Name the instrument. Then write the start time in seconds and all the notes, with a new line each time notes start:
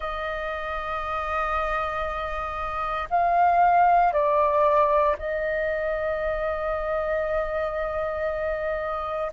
flute
0.00 D#5
3.09 F5
4.12 D5
5.18 D#5